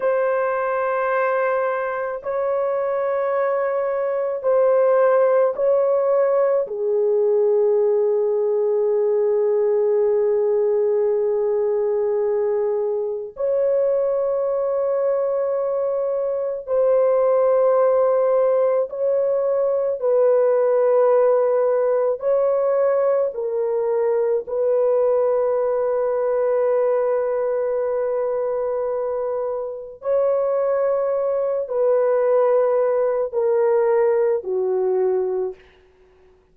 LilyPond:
\new Staff \with { instrumentName = "horn" } { \time 4/4 \tempo 4 = 54 c''2 cis''2 | c''4 cis''4 gis'2~ | gis'1 | cis''2. c''4~ |
c''4 cis''4 b'2 | cis''4 ais'4 b'2~ | b'2. cis''4~ | cis''8 b'4. ais'4 fis'4 | }